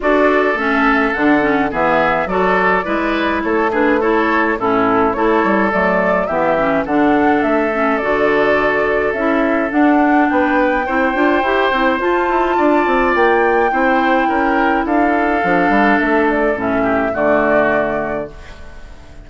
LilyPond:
<<
  \new Staff \with { instrumentName = "flute" } { \time 4/4 \tempo 4 = 105 d''4 e''4 fis''4 e''4 | d''2 cis''8 b'8 cis''4 | a'4 cis''4 d''4 e''4 | fis''4 e''4 d''2 |
e''4 fis''4 g''2~ | g''4 a''2 g''4~ | g''2 f''2 | e''8 d''8 e''4 d''2 | }
  \new Staff \with { instrumentName = "oboe" } { \time 4/4 a'2. gis'4 | a'4 b'4 a'8 gis'8 a'4 | e'4 a'2 g'4 | a'1~ |
a'2 b'4 c''4~ | c''2 d''2 | c''4 ais'4 a'2~ | a'4. g'8 fis'2 | }
  \new Staff \with { instrumentName = "clarinet" } { \time 4/4 fis'4 cis'4 d'8 cis'8 b4 | fis'4 e'4. d'8 e'4 | cis'4 e'4 a4 b8 cis'8 | d'4. cis'8 fis'2 |
e'4 d'2 e'8 f'8 | g'8 e'8 f'2. | e'2. d'4~ | d'4 cis'4 a2 | }
  \new Staff \with { instrumentName = "bassoon" } { \time 4/4 d'4 a4 d4 e4 | fis4 gis4 a2 | a,4 a8 g8 fis4 e4 | d4 a4 d2 |
cis'4 d'4 b4 c'8 d'8 | e'8 c'8 f'8 e'8 d'8 c'8 ais4 | c'4 cis'4 d'4 f8 g8 | a4 a,4 d2 | }
>>